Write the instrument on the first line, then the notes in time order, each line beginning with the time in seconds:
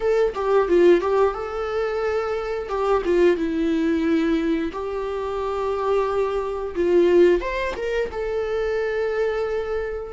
viola
0.00 A4
0.35 G4
0.68 F4
1.00 G4
1.33 A4
2.68 G4
3.05 F4
3.36 E4
4.72 G4
6.75 F4
7.40 C5
7.76 A#4
8.11 A4